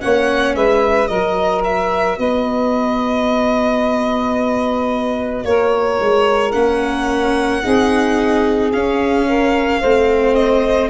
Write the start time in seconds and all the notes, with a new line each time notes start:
0.00 A#3 C#4 C#5 F#5
0.55 G#3 B4 E5
1.07 F#3 F#4 A#4 D#5
1.65 E5
2.19 B3 B4 D#5
5.45 A#3 A#4 C#5
6.00 G#3
6.52 A#3 C#4 F#5
7.63 C4 D#4 G#4
8.73 C#4 F5
9.27 A#4
9.81 A3 C4 C5
10.35 D#5